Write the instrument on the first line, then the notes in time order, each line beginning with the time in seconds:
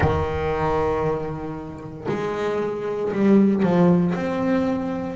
double bass
0.00 D#3
2.08 G#3
3.12 G3
3.62 F3
4.15 C4